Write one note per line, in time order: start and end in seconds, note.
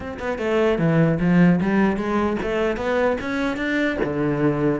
0.00 0.18 C4
0.19 0.38 B3
0.38 0.78 A3
0.78 1.18 E3
1.20 1.60 F3
1.60 1.96 G3
1.96 2.36 G#3
2.42 2.76 A3
2.76 3.16 B3
3.21 3.57 C#4
3.57 3.97 D4
4.03 4.80 D3